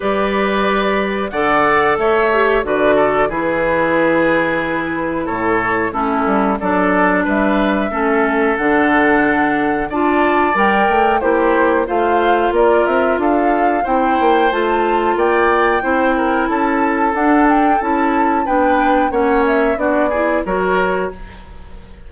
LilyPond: <<
  \new Staff \with { instrumentName = "flute" } { \time 4/4 \tempo 4 = 91 d''2 fis''4 e''4 | d''4 b'2. | cis''4 a'4 d''4 e''4~ | e''4 fis''2 a''4 |
g''4 c''4 f''4 d''8 e''8 | f''4 g''4 a''4 g''4~ | g''4 a''4 fis''8 g''8 a''4 | g''4 fis''8 e''8 d''4 cis''4 | }
  \new Staff \with { instrumentName = "oboe" } { \time 4/4 b'2 d''4 cis''4 | b'8 a'8 gis'2. | a'4 e'4 a'4 b'4 | a'2. d''4~ |
d''4 g'4 c''4 ais'4 | a'4 c''2 d''4 | c''8 ais'8 a'2. | b'4 cis''4 fis'8 gis'8 ais'4 | }
  \new Staff \with { instrumentName = "clarinet" } { \time 4/4 g'2 a'4. g'8 | fis'4 e'2.~ | e'4 cis'4 d'2 | cis'4 d'2 f'4 |
ais'4 e'4 f'2~ | f'4 e'4 f'2 | e'2 d'4 e'4 | d'4 cis'4 d'8 e'8 fis'4 | }
  \new Staff \with { instrumentName = "bassoon" } { \time 4/4 g2 d4 a4 | d4 e2. | a,4 a8 g8 fis4 g4 | a4 d2 d'4 |
g8 a8 ais4 a4 ais8 c'8 | d'4 c'8 ais8 a4 ais4 | c'4 cis'4 d'4 cis'4 | b4 ais4 b4 fis4 | }
>>